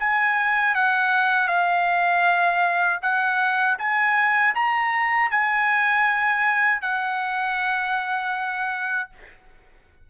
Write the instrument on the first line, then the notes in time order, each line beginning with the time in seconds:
trumpet
0.00 G#5
0.76 F#5
1.48 F5
3.02 F#5
3.79 G#5
4.56 A#5
5.31 G#5
6.82 F#5